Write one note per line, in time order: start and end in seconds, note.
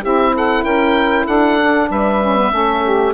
0.00 0.64 C4
0.00 1.58 E4
0.00 0.31 G4
0.00 0.35 E5
0.35 0.63 A4
0.35 0.64 F#5
0.63 1.26 C#4
0.63 1.25 A#4
0.63 1.26 G5
1.25 1.89 D4
1.25 1.88 A4
1.25 1.89 F#5
1.59 2.21 D4
1.90 2.52 G3
1.90 2.53 B4
1.90 3.13 E5
2.21 2.36 C#4
2.36 2.51 B3
2.51 3.13 A3
2.51 3.13 C#4
2.51 2.84 A4
2.84 3.13 G4